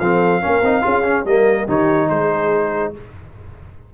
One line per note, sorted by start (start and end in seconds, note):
0.00 0.42 F3
0.00 0.42 C4
0.00 0.42 A4
0.00 1.26 F5
0.42 0.62 A#3
0.42 0.63 C#4
0.42 0.84 A#4
0.62 0.83 C4
0.62 0.83 D#4
0.83 1.25 C#4
0.83 1.03 F4
0.83 1.26 G#4
1.04 1.25 C#4
1.25 1.67 G3
1.25 1.68 A#3
1.25 1.67 A#4
1.25 1.68 D#5
1.67 2.10 D#3
1.67 2.94 D#4
1.67 2.09 G4
1.67 2.10 C#5
2.09 2.94 G#3
2.09 2.93 G#4
2.09 2.94 C5